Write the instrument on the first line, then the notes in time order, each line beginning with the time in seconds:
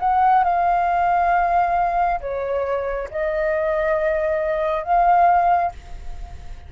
flute
0.00 F#5
0.44 F5
2.21 C#5
3.11 D#5
4.84 F5